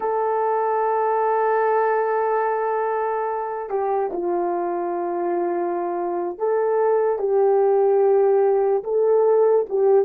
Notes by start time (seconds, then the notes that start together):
0.00 A4
3.69 G4
4.12 F4
6.38 A4
7.18 G4
8.83 A4
9.69 G4